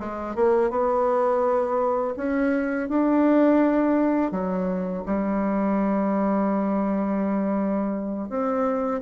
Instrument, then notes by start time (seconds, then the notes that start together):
bassoon
0.00 G#3
0.36 A#3
0.71 B3
2.17 C#4
2.90 D4
4.32 F#3
5.06 G3
8.30 C4